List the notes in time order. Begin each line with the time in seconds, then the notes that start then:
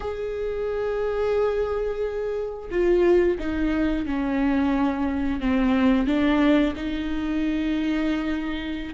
0.00 G#4
2.70 F4
3.38 D#4
4.06 C#4
5.40 C4
6.06 D4
6.76 D#4